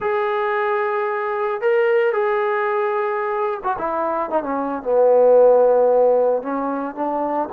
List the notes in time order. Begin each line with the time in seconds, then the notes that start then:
0.00 G#4
1.61 A#4
2.13 G#4
3.63 F#4
3.78 E4
4.30 D#4
4.42 C#4
4.82 B3
6.42 C#4
6.95 D4